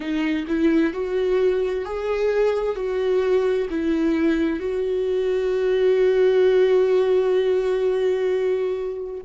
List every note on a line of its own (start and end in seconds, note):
0.00 0.46 D#4
0.47 0.93 E4
0.93 1.85 F#4
1.85 2.75 G#4
2.75 3.68 F#4
3.69 4.59 E4
4.59 9.21 F#4